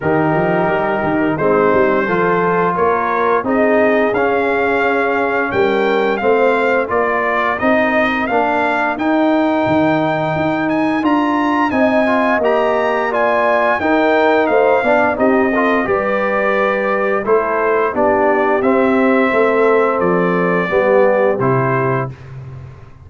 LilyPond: <<
  \new Staff \with { instrumentName = "trumpet" } { \time 4/4 \tempo 4 = 87 ais'2 c''2 | cis''4 dis''4 f''2 | g''4 f''4 d''4 dis''4 | f''4 g''2~ g''8 gis''8 |
ais''4 gis''4 ais''4 gis''4 | g''4 f''4 dis''4 d''4~ | d''4 c''4 d''4 e''4~ | e''4 d''2 c''4 | }
  \new Staff \with { instrumentName = "horn" } { \time 4/4 g'2 dis'4 a'4 | ais'4 gis'2. | ais'4 c''4 ais'2~ | ais'1~ |
ais'4 dis''2 d''4 | ais'4 c''8 d''8 g'8 a'8 b'4~ | b'4 a'4 g'2 | a'2 g'2 | }
  \new Staff \with { instrumentName = "trombone" } { \time 4/4 dis'2 c'4 f'4~ | f'4 dis'4 cis'2~ | cis'4 c'4 f'4 dis'4 | d'4 dis'2. |
f'4 dis'8 f'8 g'4 f'4 | dis'4. d'8 dis'8 f'8 g'4~ | g'4 e'4 d'4 c'4~ | c'2 b4 e'4 | }
  \new Staff \with { instrumentName = "tuba" } { \time 4/4 dis8 f8 g8 dis8 gis8 g8 f4 | ais4 c'4 cis'2 | g4 a4 ais4 c'4 | ais4 dis'4 dis4 dis'4 |
d'4 c'4 ais2 | dis'4 a8 b8 c'4 g4~ | g4 a4 b4 c'4 | a4 f4 g4 c4 | }
>>